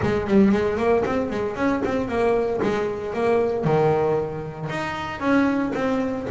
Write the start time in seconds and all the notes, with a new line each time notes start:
0.02 G#3
0.27 G3
0.52 G#3
0.77 A#3
1.05 C4
1.29 G#3
1.56 C#4
1.84 C4
2.08 A#3
2.62 G#3
3.13 A#3
3.64 D#3
4.69 D#4
5.20 C#4
5.74 C4